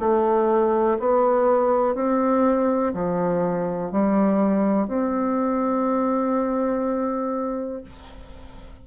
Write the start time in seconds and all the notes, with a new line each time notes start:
0.00 A3
1.00 B3
1.95 C4
2.94 F3
3.92 G3
4.88 C4